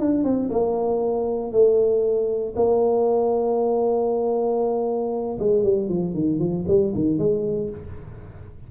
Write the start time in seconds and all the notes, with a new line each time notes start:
0.00 D4
0.24 C4
0.50 A#3
1.52 A3
2.56 A#3
5.39 G#3
5.64 G3
5.89 F3
6.14 D#3
6.39 F3
6.68 G3
6.95 D#3
7.19 G#3